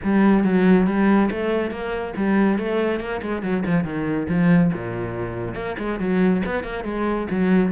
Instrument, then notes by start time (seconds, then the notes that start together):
cello
0.03 G3
0.44 F#3
0.86 G3
1.30 A3
1.70 A#3
2.16 G3
2.58 A3
3.00 A#3
3.21 G#3
3.42 F#3
3.66 F3
3.84 D#3
4.28 F3
4.73 A#2
5.54 A#3
5.78 G#3
5.99 F#3
6.45 B3
6.63 A#3
6.84 G#3
7.30 F#3